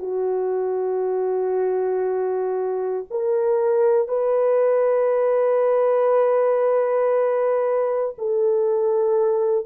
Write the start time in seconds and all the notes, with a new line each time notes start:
0.00 F#4
3.11 A#4
4.09 B4
8.18 A4